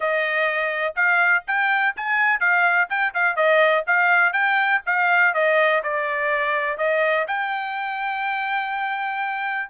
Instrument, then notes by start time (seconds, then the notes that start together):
trumpet
0.00 D#5
0.95 F5
1.47 G5
1.96 G#5
2.40 F5
2.89 G5
3.14 F5
3.36 D#5
3.86 F5
4.33 G5
4.86 F5
5.34 D#5
5.83 D5
6.77 D#5
7.27 G5